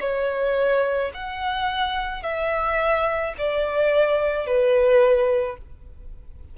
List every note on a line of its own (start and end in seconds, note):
0.00 1.11 C#5
1.14 2.22 F#5
2.22 3.33 E5
3.38 4.46 D5
4.46 5.57 B4